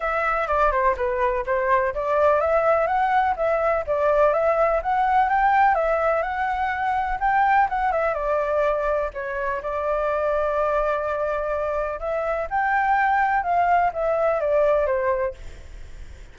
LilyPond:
\new Staff \with { instrumentName = "flute" } { \time 4/4 \tempo 4 = 125 e''4 d''8 c''8 b'4 c''4 | d''4 e''4 fis''4 e''4 | d''4 e''4 fis''4 g''4 | e''4 fis''2 g''4 |
fis''8 e''8 d''2 cis''4 | d''1~ | d''4 e''4 g''2 | f''4 e''4 d''4 c''4 | }